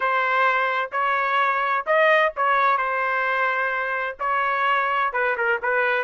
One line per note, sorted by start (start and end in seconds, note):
0.00 0.90 C5
0.92 1.85 C#5
1.86 2.33 D#5
2.36 2.77 C#5
2.77 4.17 C5
4.19 5.12 C#5
5.13 5.36 B4
5.37 5.60 A#4
5.62 6.04 B4